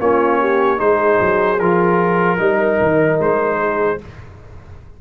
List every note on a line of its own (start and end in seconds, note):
0.00 0.80 A#3
0.00 0.77 C#4
0.00 0.40 F4
0.00 0.80 C#5
0.40 0.78 G4
0.77 1.20 G#3
0.77 1.57 D#4
0.77 2.38 G#4
0.77 1.60 C5
1.21 1.60 F#3
1.60 2.40 F3
1.60 2.38 F4
1.60 3.20 A#4
2.38 2.80 G3
2.38 3.98 D#4
2.38 3.59 A#4
2.81 3.19 D#3
3.19 3.99 G#3
3.19 4.01 C5
3.59 3.99 G#4